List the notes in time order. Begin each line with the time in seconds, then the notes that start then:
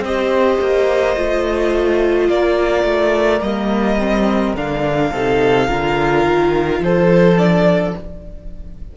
0.00 C4 G4 C5 D#5
0.61 A#3
1.17 A3 F4
2.29 A#3 A#4 D5
2.84 A3
3.42 G3 A#3 D#5
4.00 C4
4.55 D3 D4 F5
5.12 C3 D#4 A4
5.68 D3 F4 A#4
6.26 D#3
6.81 F3 A4 C5
7.38 D4 D5